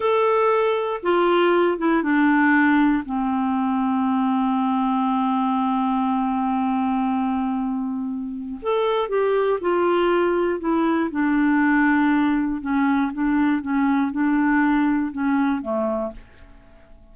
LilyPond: \new Staff \with { instrumentName = "clarinet" } { \time 4/4 \tempo 4 = 119 a'2 f'4. e'8 | d'2 c'2~ | c'1~ | c'1~ |
c'4 a'4 g'4 f'4~ | f'4 e'4 d'2~ | d'4 cis'4 d'4 cis'4 | d'2 cis'4 a4 | }